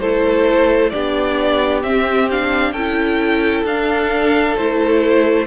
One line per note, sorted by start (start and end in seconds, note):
0.00 0.93 A3
0.00 0.93 E4
0.00 0.92 A4
0.00 0.90 C5
0.90 1.84 B3
0.90 1.83 D4
0.90 2.73 G4
0.90 1.81 D5
1.83 2.29 C4
1.83 2.73 C4
1.83 2.29 E5
2.31 2.77 D4
2.31 2.73 F5
2.73 3.64 C#4
2.73 3.68 E4
2.73 5.46 A4
2.73 3.64 G5
3.64 4.55 D4
3.64 4.59 D4
3.64 4.57 F5
4.57 5.47 A3
4.57 5.47 E4
4.57 5.47 C5